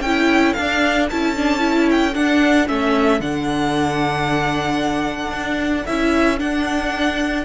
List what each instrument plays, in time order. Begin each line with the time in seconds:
0.00 cello C#4, viola E4, violin A4 G5
0.53 viola D4, cello D4, violin F5
1.10 cello C#4, viola E4, violin A5
1.36 viola D4
1.58 viola E4
1.91 violin G5
2.14 viola D4, cello D4, violin F#5
2.67 cello A3, viola C#4, violin E5
3.20 cello D3, viola D4, violin F#5
5.31 cello D4
5.86 cello C#4, viola E4, violin E5
6.38 viola D4, cello D4, violin F#5